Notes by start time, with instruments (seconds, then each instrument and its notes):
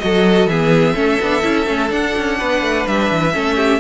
0.00 cello F#3, viola F#4, violin A4 D#5
0.46 cello E3, viola B3, violin G#4 E5
0.94 cello A3, viola C#4, violin A4
1.20 cello B3, viola D4
1.42 cello C#4, viola E4
1.66 cello A3, viola C#4
1.88 viola D4, cello D4, violin F#5
2.17 cello C#4
2.38 cello B3, violin B4
2.61 cello A3
2.87 cello G3, violin E5
3.11 cello E3
3.33 cello A3, viola C#4, violin A4
3.56 violin G4